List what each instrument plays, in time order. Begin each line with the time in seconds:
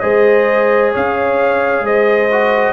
0.00 tuba G#3, trombone G#4, horn C5, trumpet D#5
0.93 tuba C#4, horn C#5, trumpet F5
1.81 tuba G#3, horn C5, trumpet D#5
2.32 trombone F#4